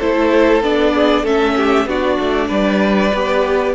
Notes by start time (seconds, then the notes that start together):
0.00 A3 E4 A4 C5
0.61 B3 D4 D5
0.94 G#4
1.23 A3 C#4 A4 E5
1.57 G4
1.86 B3 D4 F#4 D5
2.20 A3
2.48 G3 B4
3.14 B3 G4